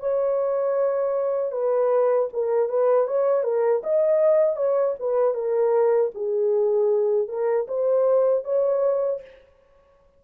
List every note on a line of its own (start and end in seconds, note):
0.00 1.52 C#5
1.52 2.29 B4
2.33 2.69 A#4
2.69 3.07 B4
3.07 3.43 C#5
3.43 3.82 A#4
3.83 4.56 D#5
4.56 4.95 C#5
5.00 5.34 B4
5.34 6.11 A#4
6.15 7.28 G#4
7.28 7.67 A#4
7.68 8.44 C5
8.44 9.21 C#5